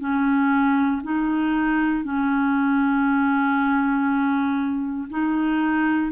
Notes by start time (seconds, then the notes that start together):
0.00 C#4
1.03 D#4
2.04 C#4
5.10 D#4